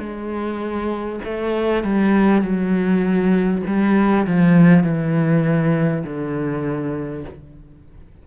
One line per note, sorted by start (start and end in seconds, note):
0.00 1.20 G#3
1.25 1.84 A3
1.84 2.43 G3
2.43 3.63 F#3
3.67 4.27 G3
4.28 4.84 F3
4.84 6.04 E3
6.04 7.24 D3